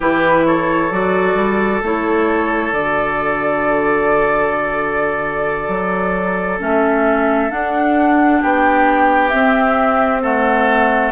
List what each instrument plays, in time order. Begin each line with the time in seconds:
0.00 bassoon E3, clarinet E4, oboe G4, flute B4
0.46 oboe A4, flute C#5
0.90 bassoon F#3, clarinet F#4, flute D5
1.34 bassoon G3
1.82 bassoon A3, clarinet E4, flute C#5
2.72 bassoon D3, clarinet F#4, flute D5
5.68 bassoon F#3
6.59 bassoon A3, clarinet C#4, flute E5
7.49 clarinet D4, bassoon D4, flute F#5
8.41 bassoon B3, oboe G4, flute G5
9.29 clarinet C4, bassoon C4, flute E5
10.22 clarinet A3, oboe A4, flute F#5